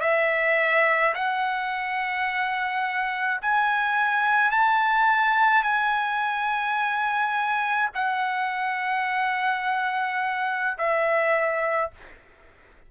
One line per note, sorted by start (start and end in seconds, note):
0.00 1.13 E5
1.14 3.40 F#5
3.41 4.51 G#5
4.51 5.63 A5
5.63 7.89 G#5
7.94 10.77 F#5
10.78 11.91 E5